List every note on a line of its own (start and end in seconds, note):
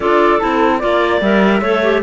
0.00 0.41 D4
0.00 0.40 F4
0.00 0.79 A4
0.00 0.39 D5
0.39 0.83 C4
0.39 0.79 E4
0.39 0.79 A4
0.79 1.21 A#3
0.79 1.20 F4
0.79 1.19 D5
0.79 1.61 D5
1.21 1.61 G3
1.21 1.63 A#4
1.21 2.02 E5
1.61 2.02 A3
1.61 1.83 A4
1.61 2.02 C#5
1.83 2.02 G4